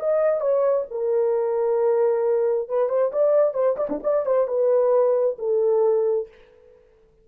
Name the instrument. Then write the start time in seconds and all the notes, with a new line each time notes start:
horn
0.00 D#5
0.41 C#5
0.91 A#4
2.69 B4
2.89 C5
3.13 D5
3.54 C5
3.77 D5
3.90 D4
4.04 D5
4.26 C5
4.48 B4
5.39 A4